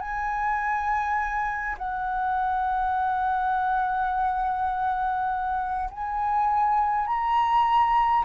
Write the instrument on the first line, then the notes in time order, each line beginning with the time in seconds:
flute
0.00 G#5
1.78 F#5
5.91 G#5
7.07 A#5